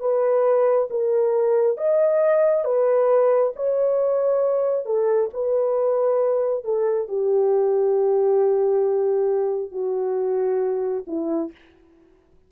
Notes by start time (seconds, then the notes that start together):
0.00 B4
0.90 A#4
1.78 D#5
2.65 B4
3.56 C#5
4.86 A4
5.33 B4
6.64 A4
7.08 G4
9.72 F#4
11.07 E4